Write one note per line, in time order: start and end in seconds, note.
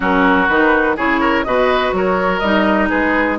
0.00 0.48 F#3
0.00 0.48 C#4
0.00 0.96 F#4
0.00 0.48 A#4
0.48 0.97 D#3
0.48 0.96 D#4
0.48 0.96 B4
0.96 1.45 C#3
0.96 1.45 E4
0.96 1.20 G#4
0.96 1.44 C#5
1.20 1.44 A#4
1.44 1.92 B2
1.44 2.42 F#4
1.44 1.95 B4
1.44 1.92 D#5
1.92 2.40 F#3
1.92 2.89 A#4
1.92 2.39 C#5
2.39 2.89 G3
2.39 3.39 D#4
2.39 2.87 D#5
2.89 3.39 G#3
2.89 3.37 G#4
2.89 3.37 B4